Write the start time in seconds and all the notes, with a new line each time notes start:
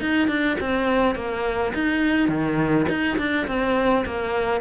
0.00 D#4
0.28 D4
0.60 C4
1.15 A#3
1.74 D#4
2.28 D#3
2.88 D#4
3.17 D4
3.47 C4
4.05 A#3